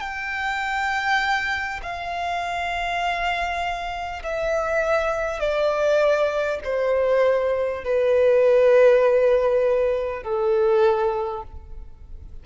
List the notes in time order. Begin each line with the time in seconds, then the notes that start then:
0.00 G5
1.82 F5
4.23 E5
5.40 D5
6.64 C5
7.84 B4
10.23 A4